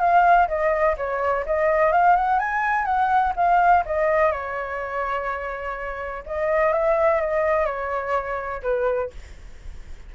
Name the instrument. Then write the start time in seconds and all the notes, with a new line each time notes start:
flute
0.00 F5
0.48 D#5
0.97 C#5
1.46 D#5
1.92 F5
2.16 F#5
2.39 G#5
2.86 F#5
3.36 F5
3.86 D#5
4.32 C#5
6.26 D#5
6.73 E5
7.21 D#5
7.66 C#5
8.62 B4